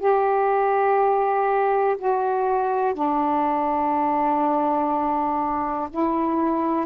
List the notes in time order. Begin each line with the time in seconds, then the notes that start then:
0.00 G4
1.99 F#4
2.94 D4
5.91 E4